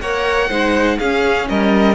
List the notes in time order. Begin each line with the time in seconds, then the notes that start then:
0.00 A#3 A#4 C#5 F#5
0.48 G#3 D#4 C5
0.98 C#4 G#4 F5
1.48 G3 A#4 D#5